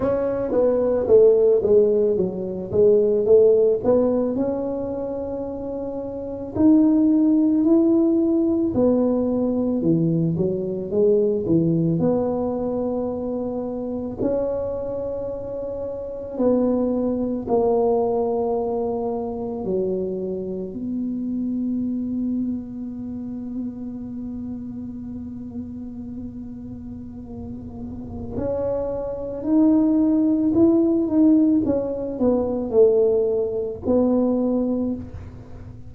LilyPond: \new Staff \with { instrumentName = "tuba" } { \time 4/4 \tempo 4 = 55 cis'8 b8 a8 gis8 fis8 gis8 a8 b8 | cis'2 dis'4 e'4 | b4 e8 fis8 gis8 e8 b4~ | b4 cis'2 b4 |
ais2 fis4 b4~ | b1~ | b2 cis'4 dis'4 | e'8 dis'8 cis'8 b8 a4 b4 | }